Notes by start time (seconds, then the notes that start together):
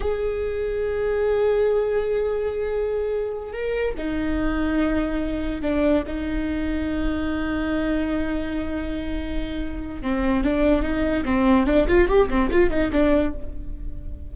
0.00 G#4
3.52 A#4
3.97 D#4
5.61 D4
6.06 D#4
10.02 C4
10.43 D4
10.82 D#4
11.25 C4
11.66 D4
11.87 F4
12.07 G4
12.29 C4
12.51 F4
12.70 D#4
12.92 D4